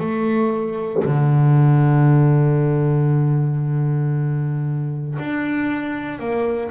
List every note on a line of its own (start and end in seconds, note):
0.00 1.03 A3
1.05 5.19 D3
5.19 6.20 D4
6.20 6.71 A#3